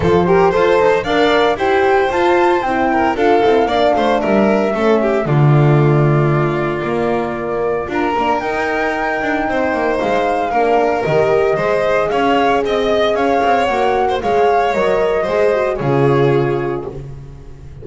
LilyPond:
<<
  \new Staff \with { instrumentName = "flute" } { \time 4/4 \tempo 4 = 114 c''2 f''4 g''4 | a''4 g''4 f''2 | e''2 d''2~ | d''2. ais''4 |
g''2. f''4~ | f''4 dis''2 f''4 | dis''4 f''4 fis''4 f''4 | dis''2 cis''2 | }
  \new Staff \with { instrumentName = "violin" } { \time 4/4 a'8 ais'8 c''4 d''4 c''4~ | c''4. ais'8 a'4 d''8 c''8 | ais'4 a'8 g'8 f'2~ | f'2. ais'4~ |
ais'2 c''2 | ais'2 c''4 cis''4 | dis''4 cis''4.~ cis''16 c''16 cis''4~ | cis''4 c''4 gis'2 | }
  \new Staff \with { instrumentName = "horn" } { \time 4/4 f'8 g'8 a'4 ais'4 g'4 | f'4 e'4 f'8 e'8 d'4~ | d'4 cis'4 a2~ | a4 ais2 f'8 d'8 |
dis'1 | d'4 g'4 gis'2~ | gis'2 fis'4 gis'4 | ais'4 gis'8 fis'8 f'2 | }
  \new Staff \with { instrumentName = "double bass" } { \time 4/4 f4 f'8 dis'8 d'4 e'4 | f'4 c'4 d'8 c'8 ais8 a8 | g4 a4 d2~ | d4 ais2 d'8 ais8 |
dis'4. d'8 c'8 ais8 gis4 | ais4 dis4 gis4 cis'4 | c'4 cis'8 c'8 ais4 gis4 | fis4 gis4 cis2 | }
>>